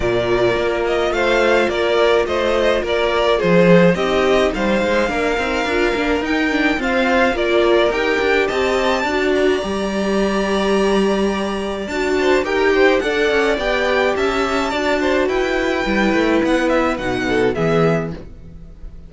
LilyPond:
<<
  \new Staff \with { instrumentName = "violin" } { \time 4/4 \tempo 4 = 106 d''4. dis''8 f''4 d''4 | dis''4 d''4 c''4 dis''4 | f''2. g''4 | f''4 d''4 g''4 a''4~ |
a''8 ais''2.~ ais''8~ | ais''4 a''4 g''4 fis''4 | g''4 a''2 g''4~ | g''4 fis''8 e''8 fis''4 e''4 | }
  \new Staff \with { instrumentName = "violin" } { \time 4/4 ais'2 c''4 ais'4 | c''4 ais'4 gis'4 g'4 | c''4 ais'2. | c''4 ais'2 dis''4 |
d''1~ | d''4. c''8 ais'8 c''8 d''4~ | d''4 e''4 d''8 c''8 b'4~ | b'2~ b'8 a'8 gis'4 | }
  \new Staff \with { instrumentName = "viola" } { \time 4/4 f'1~ | f'2. dis'4~ | dis'4 d'8 dis'8 f'8 d'8 dis'8 d'8 | c'4 f'4 g'2 |
fis'4 g'2.~ | g'4 fis'4 g'4 a'4 | g'2 fis'2 | e'2 dis'4 b4 | }
  \new Staff \with { instrumentName = "cello" } { \time 4/4 ais,4 ais4 a4 ais4 | a4 ais4 f4 c'4 | g8 gis8 ais8 c'8 d'8 ais8 dis'4 | f'4 ais4 dis'8 d'8 c'4 |
d'4 g2.~ | g4 d'4 dis'4 d'8 cis'8 | b4 cis'4 d'4 e'4 | g8 a8 b4 b,4 e4 | }
>>